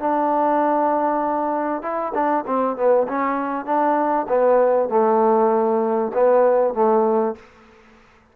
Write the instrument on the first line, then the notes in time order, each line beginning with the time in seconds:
trombone
0.00 D4
1.83 E4
2.15 D4
2.47 C4
2.77 B3
3.08 C#4
3.66 D4
4.29 B3
4.90 A3
6.14 B3
6.74 A3